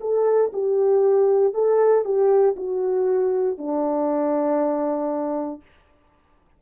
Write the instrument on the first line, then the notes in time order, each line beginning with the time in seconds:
horn
0.00 A4
0.53 G4
1.53 A4
2.04 G4
2.56 F#4
3.58 D4